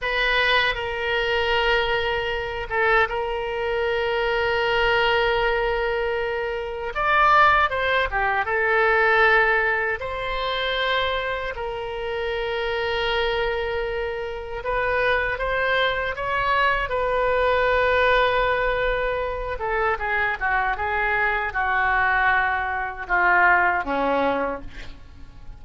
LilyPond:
\new Staff \with { instrumentName = "oboe" } { \time 4/4 \tempo 4 = 78 b'4 ais'2~ ais'8 a'8 | ais'1~ | ais'4 d''4 c''8 g'8 a'4~ | a'4 c''2 ais'4~ |
ais'2. b'4 | c''4 cis''4 b'2~ | b'4. a'8 gis'8 fis'8 gis'4 | fis'2 f'4 cis'4 | }